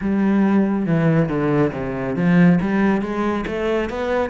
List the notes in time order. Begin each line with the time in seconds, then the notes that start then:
0.01 G3
0.86 E3
1.28 D3
1.72 C3
2.16 F3
2.61 G3
3.01 G#3
3.46 A3
3.89 B3